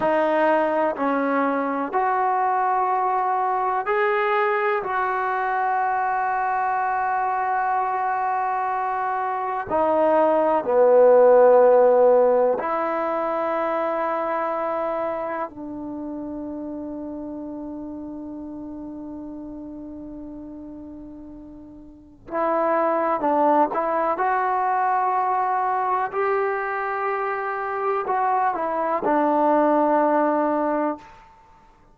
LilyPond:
\new Staff \with { instrumentName = "trombone" } { \time 4/4 \tempo 4 = 62 dis'4 cis'4 fis'2 | gis'4 fis'2.~ | fis'2 dis'4 b4~ | b4 e'2. |
d'1~ | d'2. e'4 | d'8 e'8 fis'2 g'4~ | g'4 fis'8 e'8 d'2 | }